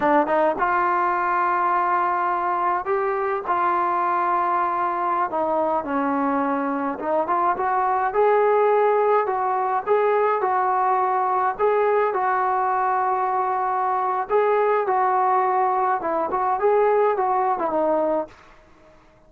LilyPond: \new Staff \with { instrumentName = "trombone" } { \time 4/4 \tempo 4 = 105 d'8 dis'8 f'2.~ | f'4 g'4 f'2~ | f'4~ f'16 dis'4 cis'4.~ cis'16~ | cis'16 dis'8 f'8 fis'4 gis'4.~ gis'16~ |
gis'16 fis'4 gis'4 fis'4.~ fis'16~ | fis'16 gis'4 fis'2~ fis'8.~ | fis'4 gis'4 fis'2 | e'8 fis'8 gis'4 fis'8. e'16 dis'4 | }